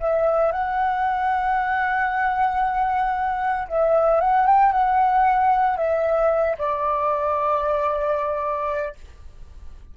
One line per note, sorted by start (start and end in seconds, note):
0.00 0.52 E5
0.52 3.67 F#5
3.68 4.21 E5
4.21 4.46 F#5
4.46 4.72 G5
4.72 5.77 F#5
5.77 6.56 E5
6.58 8.95 D5